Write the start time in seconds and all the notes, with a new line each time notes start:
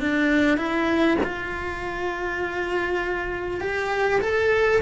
0.00 D4
0.57 E4
1.24 F4
3.61 G4
4.21 A4